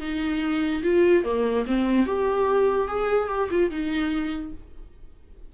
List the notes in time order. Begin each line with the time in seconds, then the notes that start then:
0.00 D#4
0.83 F4
1.24 A#3
1.66 C4
2.06 G4
2.87 G#4
3.28 G4
3.50 F4
3.70 D#4